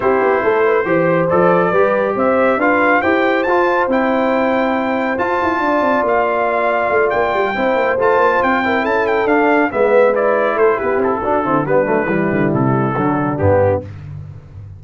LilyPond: <<
  \new Staff \with { instrumentName = "trumpet" } { \time 4/4 \tempo 4 = 139 c''2. d''4~ | d''4 e''4 f''4 g''4 | a''4 g''2. | a''2 f''2~ |
f''8 g''2 a''4 g''8~ | g''8 a''8 g''8 f''4 e''4 d''8~ | d''8 c''8 b'8 a'4. b'4~ | b'4 a'2 g'4 | }
  \new Staff \with { instrumentName = "horn" } { \time 4/4 g'4 a'8 b'8 c''2 | b'4 c''4 b'4 c''4~ | c''1~ | c''4 d''2.~ |
d''4. c''2~ c''8 | ais'8 a'2 b'4.~ | b'8 a'8 g'4 fis'8 e'8 d'4 | e'2 d'2 | }
  \new Staff \with { instrumentName = "trombone" } { \time 4/4 e'2 g'4 a'4 | g'2 f'4 g'4 | f'4 e'2. | f'1~ |
f'4. e'4 f'4. | e'4. d'4 b4 e'8~ | e'2 d'8 c'8 b8 a8 | g2 fis4 b4 | }
  \new Staff \with { instrumentName = "tuba" } { \time 4/4 c'8 b8 a4 e4 f4 | g4 c'4 d'4 e'4 | f'4 c'2. | f'8 e'8 d'8 c'8 ais2 |
a8 ais8 g8 c'8 ais8 a8 ais8 c'8~ | c'8 cis'4 d'4 gis4.~ | gis8 a8 b8 c'8 d'8 d8 g8 fis8 | e8 d8 c4 d4 g,4 | }
>>